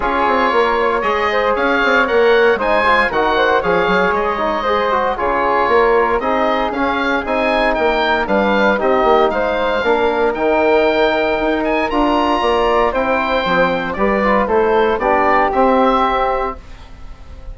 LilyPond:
<<
  \new Staff \with { instrumentName = "oboe" } { \time 4/4 \tempo 4 = 116 cis''2 dis''4 f''4 | fis''4 gis''4 fis''4 f''4 | dis''2 cis''2 | dis''4 f''4 gis''4 g''4 |
f''4 dis''4 f''2 | g''2~ g''8 gis''8 ais''4~ | ais''4 g''2 d''4 | c''4 d''4 e''2 | }
  \new Staff \with { instrumentName = "flute" } { \time 4/4 gis'4 ais'8 cis''4 c''8 cis''4~ | cis''4 c''4 ais'8 c''8 cis''4~ | cis''4 c''4 gis'4 ais'4 | gis'2. ais'4 |
b'4 g'4 c''4 ais'4~ | ais'1 | d''4 c''2 b'4 | a'4 g'2. | }
  \new Staff \with { instrumentName = "trombone" } { \time 4/4 f'2 gis'2 | ais'4 dis'8 f'8 fis'4 gis'4~ | gis'8 dis'8 gis'8 fis'8 f'2 | dis'4 cis'4 dis'2 |
d'4 dis'2 d'4 | dis'2. f'4~ | f'4 e'4 c'4 g'8 f'8 | e'4 d'4 c'2 | }
  \new Staff \with { instrumentName = "bassoon" } { \time 4/4 cis'8 c'8 ais4 gis4 cis'8 c'8 | ais4 gis4 dis4 f8 fis8 | gis2 cis4 ais4 | c'4 cis'4 c'4 ais4 |
g4 c'8 ais8 gis4 ais4 | dis2 dis'4 d'4 | ais4 c'4 f4 g4 | a4 b4 c'2 | }
>>